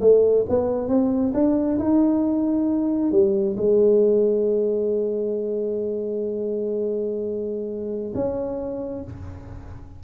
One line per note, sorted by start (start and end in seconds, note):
0.00 0.44 A3
0.49 0.88 B3
0.88 1.32 C4
1.34 1.78 D4
1.78 3.11 D#4
3.11 3.55 G3
3.57 8.12 G#3
8.14 9.03 C#4